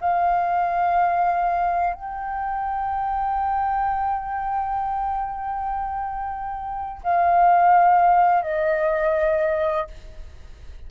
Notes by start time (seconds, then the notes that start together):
0.00 F5
1.94 G5
7.03 F5
8.42 D#5